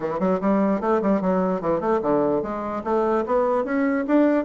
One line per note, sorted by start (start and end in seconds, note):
0.00 0.19 E3
0.19 0.39 F#3
0.41 0.81 G3
0.81 1.01 A3
1.02 1.21 G3
1.21 1.61 F#3
1.61 1.80 E3
1.80 2.00 A3
2.02 2.42 D3
2.42 2.82 G#3
2.84 3.24 A3
3.25 3.64 B3
3.64 4.05 C#4
4.07 4.44 D4